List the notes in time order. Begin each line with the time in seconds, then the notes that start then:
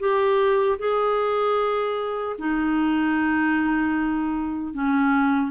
0.00 G4
0.79 G#4
2.39 D#4
4.74 C#4